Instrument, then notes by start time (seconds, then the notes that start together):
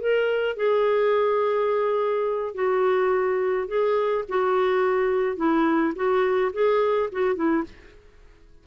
clarinet
0.00 A#4
0.56 G#4
2.55 F#4
3.68 G#4
4.29 F#4
5.37 E4
5.95 F#4
6.53 G#4
7.12 F#4
7.35 E4